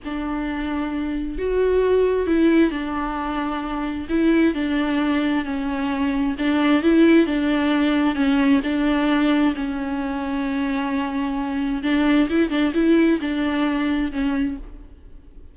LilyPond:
\new Staff \with { instrumentName = "viola" } { \time 4/4 \tempo 4 = 132 d'2. fis'4~ | fis'4 e'4 d'2~ | d'4 e'4 d'2 | cis'2 d'4 e'4 |
d'2 cis'4 d'4~ | d'4 cis'2.~ | cis'2 d'4 e'8 d'8 | e'4 d'2 cis'4 | }